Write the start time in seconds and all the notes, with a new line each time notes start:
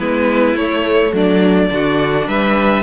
0.00 G#3 B3 E4 B4
0.55 A3 C#5
1.13 F#3 D4 D5
1.69 D3 D4 F#4
2.28 G3 B4 E5